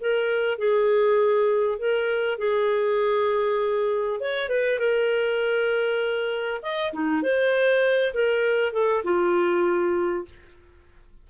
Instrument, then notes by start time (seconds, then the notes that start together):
clarinet
0.00 A#4
0.58 G#4
1.79 A#4
2.38 G#4
4.20 C#5
4.49 B4
4.79 A#4
6.62 D#5
6.93 D#4
7.22 C5
8.14 A#4
8.73 A4
9.04 F4